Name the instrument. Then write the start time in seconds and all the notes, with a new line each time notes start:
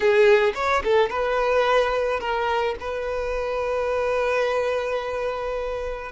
violin
0.00 G#4
0.55 C#5
0.84 A4
1.09 B4
2.19 A#4
2.80 B4